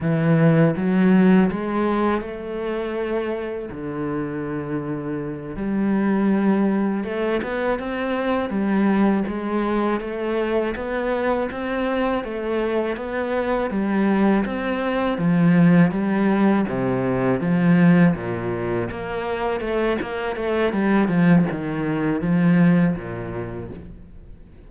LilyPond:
\new Staff \with { instrumentName = "cello" } { \time 4/4 \tempo 4 = 81 e4 fis4 gis4 a4~ | a4 d2~ d8 g8~ | g4. a8 b8 c'4 g8~ | g8 gis4 a4 b4 c'8~ |
c'8 a4 b4 g4 c'8~ | c'8 f4 g4 c4 f8~ | f8 ais,4 ais4 a8 ais8 a8 | g8 f8 dis4 f4 ais,4 | }